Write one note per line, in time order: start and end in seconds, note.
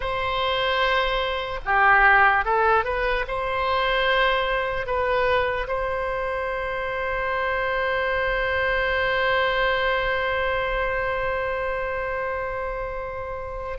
0.00 1.59 C5
1.65 2.44 G4
2.44 2.84 A4
2.84 3.25 B4
3.27 4.86 C5
4.86 5.67 B4
5.67 13.78 C5